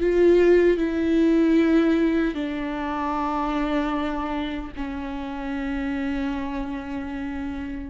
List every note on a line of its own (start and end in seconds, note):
0.00 0.77 F4
0.77 2.34 E4
2.34 4.71 D4
4.76 7.89 C#4